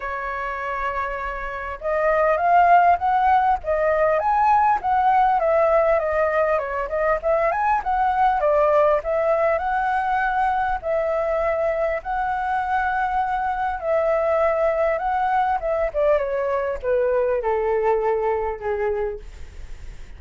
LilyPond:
\new Staff \with { instrumentName = "flute" } { \time 4/4 \tempo 4 = 100 cis''2. dis''4 | f''4 fis''4 dis''4 gis''4 | fis''4 e''4 dis''4 cis''8 dis''8 | e''8 gis''8 fis''4 d''4 e''4 |
fis''2 e''2 | fis''2. e''4~ | e''4 fis''4 e''8 d''8 cis''4 | b'4 a'2 gis'4 | }